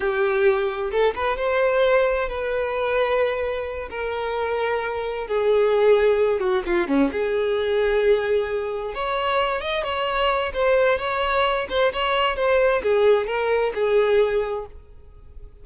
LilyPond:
\new Staff \with { instrumentName = "violin" } { \time 4/4 \tempo 4 = 131 g'2 a'8 b'8 c''4~ | c''4 b'2.~ | b'8 ais'2. gis'8~ | gis'2 fis'8 f'8 cis'8 gis'8~ |
gis'2.~ gis'8 cis''8~ | cis''4 dis''8 cis''4. c''4 | cis''4. c''8 cis''4 c''4 | gis'4 ais'4 gis'2 | }